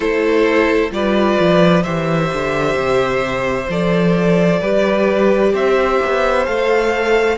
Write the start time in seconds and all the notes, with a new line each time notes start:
0.00 A3 E4 A4 C5
0.91 G3 F4 B4 D5
1.39 F3
1.83 E3 G4 C5 E5
2.33 D3
2.74 C3
3.69 F3 A4 D5
4.60 G3 G4 B4
5.53 C4 C5 E5
6.04 B3
6.45 A3 A4 F5